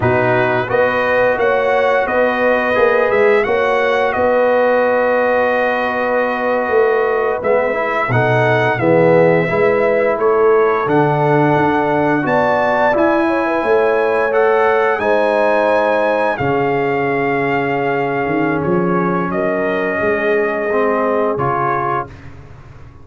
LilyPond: <<
  \new Staff \with { instrumentName = "trumpet" } { \time 4/4 \tempo 4 = 87 b'4 dis''4 fis''4 dis''4~ | dis''8 e''8 fis''4 dis''2~ | dis''2~ dis''8. e''4 fis''16~ | fis''8. e''2 cis''4 fis''16~ |
fis''4.~ fis''16 a''4 gis''4~ gis''16~ | gis''8. fis''4 gis''2 f''16~ | f''2. cis''4 | dis''2. cis''4 | }
  \new Staff \with { instrumentName = "horn" } { \time 4/4 fis'4 b'4 cis''4 b'4~ | b'4 cis''4 b'2~ | b'2.~ b'8. a'16~ | a'8. gis'4 b'4 a'4~ a'16~ |
a'4.~ a'16 d''4. cis''16 b'16 cis''16~ | cis''4.~ cis''16 c''2 gis'16~ | gis'1 | ais'4 gis'2. | }
  \new Staff \with { instrumentName = "trombone" } { \time 4/4 dis'4 fis'2. | gis'4 fis'2.~ | fis'2~ fis'8. b8 e'8 dis'16~ | dis'8. b4 e'2 d'16~ |
d'4.~ d'16 fis'4 e'4~ e'16~ | e'8. a'4 dis'2 cis'16~ | cis'1~ | cis'2 c'4 f'4 | }
  \new Staff \with { instrumentName = "tuba" } { \time 4/4 b,4 b4 ais4 b4 | ais8 gis8 ais4 b2~ | b4.~ b16 a4 gis4 b,16~ | b,8. e4 gis4 a4 d16~ |
d8. d'4 b4 e'4 a16~ | a4.~ a16 gis2 cis16~ | cis2~ cis8 dis8 f4 | fis4 gis2 cis4 | }
>>